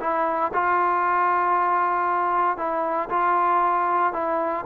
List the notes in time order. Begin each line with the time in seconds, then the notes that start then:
0.00 E4
0.53 F4
2.57 E4
3.09 F4
4.13 E4